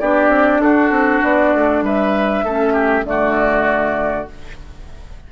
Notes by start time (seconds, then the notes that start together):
0.00 B3 D4 G4 D5
0.28 C4
0.61 D4 F#4 A4
0.91 C4
1.23 B3 D5
1.54 A3
1.82 G3 B4 E5
2.44 A3 C#4 A4
2.73 G4
3.03 D3 A3 F#4 D5